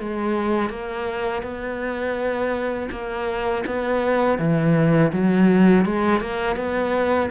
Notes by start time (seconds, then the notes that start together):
0.00 G#3
0.70 A#3
1.43 B3
2.91 A#3
3.67 B3
4.39 E3
5.13 F#3
5.86 G#3
6.21 A#3
6.57 B3